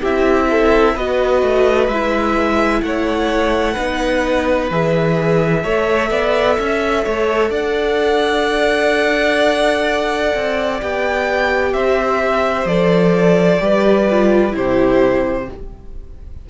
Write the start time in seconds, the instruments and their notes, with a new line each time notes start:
0.00 cello C4, viola E4, violin G4 E5
0.50 violin A4
0.94 cello B3, viola F#4, violin B4 D#5
1.42 cello A3
1.88 cello G#3, viola E4, violin E5
2.82 cello A3, violin C#5 F#5
3.73 cello B3, viola D#4, violin B4
4.70 cello E3, viola G#4, violin E5
5.63 cello A3, viola A4, violin C#5
6.10 cello B3, violin D5
6.58 cello C#4, violin E5
7.04 cello A3, violin C#5
7.50 cello D4, violin D5 F#5
10.34 cello C4
10.80 cello B3, viola G4, violin G5
11.73 cello C4, violin C5 E5
12.65 cello F3, viola A4, violin D5
13.60 cello G3, viola G4, violin B4
14.10 viola F4
14.51 cello C3, viola E4, violin G4 C5